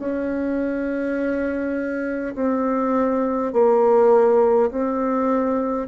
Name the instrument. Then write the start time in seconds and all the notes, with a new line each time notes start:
bassoon
0.00 C#4
2.35 C4
3.53 A#3
4.71 C4